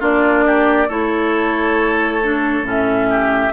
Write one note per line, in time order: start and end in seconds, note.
0.00 0.89 A#3
0.00 0.88 D4
0.00 0.44 F4
0.00 0.90 D5
0.46 0.88 G4
0.88 2.62 A3
0.88 2.22 E4
0.88 3.08 A4
0.88 2.66 C#5
2.22 2.64 D4
2.62 3.51 A2
2.62 3.52 C#4
2.69 3.53 E5
3.10 3.53 G4